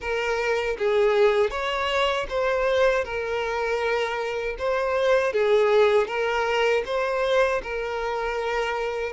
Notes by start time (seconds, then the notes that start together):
0.00 A#4
0.78 G#4
1.50 C#5
2.29 C5
3.04 A#4
4.58 C5
5.33 G#4
6.07 A#4
6.85 C5
7.63 A#4